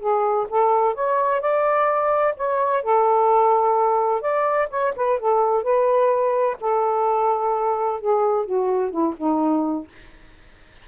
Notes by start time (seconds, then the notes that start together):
0.00 G#4
0.49 A4
0.95 C#5
1.41 D5
2.37 C#5
2.83 A4
4.22 D5
4.70 C#5
4.96 B4
5.19 A4
5.64 B4
6.61 A4
8.01 G#4
8.46 F#4
8.91 E4
9.17 D#4